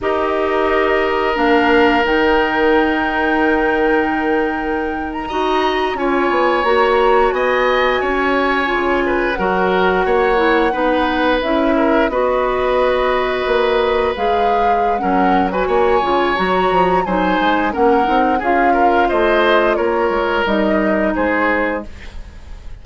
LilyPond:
<<
  \new Staff \with { instrumentName = "flute" } { \time 4/4 \tempo 4 = 88 dis''2 f''4 g''4~ | g''2.~ g''8 ais''8~ | ais''8. gis''4 ais''4 gis''4~ gis''16~ | gis''4.~ gis''16 fis''2~ fis''16~ |
fis''8. e''4 dis''2~ dis''16~ | dis''8. f''4~ f''16 fis''8. gis''4~ gis''16 | ais''4 gis''4 fis''4 f''4 | dis''4 cis''4 dis''4 c''4 | }
  \new Staff \with { instrumentName = "oboe" } { \time 4/4 ais'1~ | ais'2.~ ais'8. dis''16~ | dis''8. cis''2 dis''4 cis''16~ | cis''4~ cis''16 b'8 ais'4 cis''4 b'16~ |
b'4~ b'16 ais'8 b'2~ b'16~ | b'2 ais'8. b'16 cis''4~ | cis''4 c''4 ais'4 gis'8 ais'8 | c''4 ais'2 gis'4 | }
  \new Staff \with { instrumentName = "clarinet" } { \time 4/4 g'2 d'4 dis'4~ | dis'2.~ dis'8. fis'16~ | fis'8. f'4 fis'2~ fis'16~ | fis'8. f'4 fis'4. e'8 dis'16~ |
dis'8. e'4 fis'2~ fis'16~ | fis'8. gis'4~ gis'16 cis'8. fis'8. f'8 | fis'4 dis'4 cis'8 dis'8 f'4~ | f'2 dis'2 | }
  \new Staff \with { instrumentName = "bassoon" } { \time 4/4 dis'2 ais4 dis4~ | dis2.~ dis8. dis'16~ | dis'8. cis'8 b8 ais4 b4 cis'16~ | cis'8. cis4 fis4 ais4 b16~ |
b8. cis'4 b2 ais16~ | ais8. gis4~ gis16 fis4 ais8 cis8 | fis8 f8 fis8 gis8 ais8 c'8 cis'4 | a4 ais8 gis8 g4 gis4 | }
>>